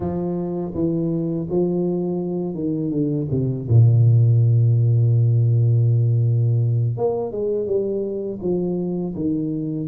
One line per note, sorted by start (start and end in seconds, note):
0.00 0.73 F3
0.74 1.47 E3
1.49 2.54 F3
2.54 2.90 D#3
2.90 3.27 D3
3.31 3.67 C3
3.68 6.97 A#2
6.97 7.31 A#3
7.31 7.66 G#3
7.66 8.39 G3
8.41 9.14 F3
9.15 9.88 D#3